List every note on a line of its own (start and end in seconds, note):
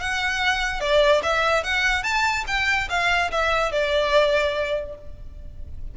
0.00 0.80 F#5
0.80 1.21 D5
1.23 1.63 E5
1.63 2.03 F#5
2.03 2.44 A5
2.47 2.88 G5
2.90 3.31 F5
3.31 3.71 E5
3.71 4.95 D5